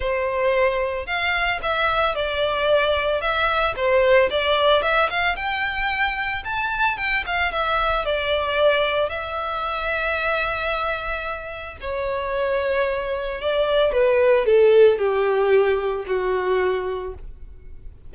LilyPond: \new Staff \with { instrumentName = "violin" } { \time 4/4 \tempo 4 = 112 c''2 f''4 e''4 | d''2 e''4 c''4 | d''4 e''8 f''8 g''2 | a''4 g''8 f''8 e''4 d''4~ |
d''4 e''2.~ | e''2 cis''2~ | cis''4 d''4 b'4 a'4 | g'2 fis'2 | }